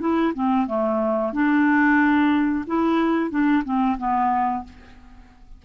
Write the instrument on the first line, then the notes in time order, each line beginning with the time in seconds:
clarinet
0.00 E4
0.34 C4
0.67 A3
1.33 D4
2.66 E4
3.30 D4
3.64 C4
3.98 B3